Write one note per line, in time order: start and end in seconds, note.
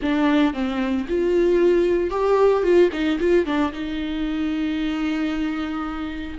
0.01 0.53 D4
0.53 1.06 C4
1.08 2.10 F4
2.10 2.63 G4
2.63 2.89 F4
2.92 3.18 D#4
3.19 3.45 F4
3.45 3.72 D4
3.72 6.37 D#4